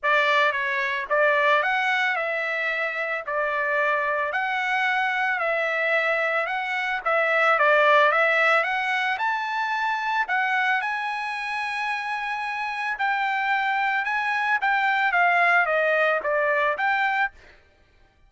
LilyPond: \new Staff \with { instrumentName = "trumpet" } { \time 4/4 \tempo 4 = 111 d''4 cis''4 d''4 fis''4 | e''2 d''2 | fis''2 e''2 | fis''4 e''4 d''4 e''4 |
fis''4 a''2 fis''4 | gis''1 | g''2 gis''4 g''4 | f''4 dis''4 d''4 g''4 | }